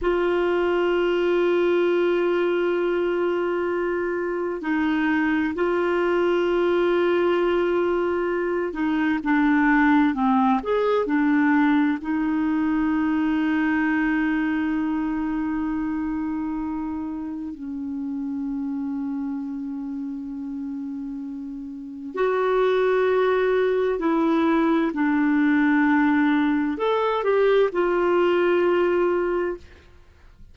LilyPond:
\new Staff \with { instrumentName = "clarinet" } { \time 4/4 \tempo 4 = 65 f'1~ | f'4 dis'4 f'2~ | f'4. dis'8 d'4 c'8 gis'8 | d'4 dis'2.~ |
dis'2. cis'4~ | cis'1 | fis'2 e'4 d'4~ | d'4 a'8 g'8 f'2 | }